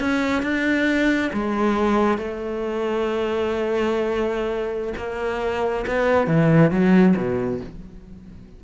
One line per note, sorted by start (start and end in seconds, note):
0.00 0.43 C#4
0.43 1.31 D4
1.33 2.18 G#3
2.18 4.94 A3
4.97 5.85 A#3
5.87 6.27 B3
6.27 6.71 E3
6.71 7.15 F#3
7.17 7.61 B2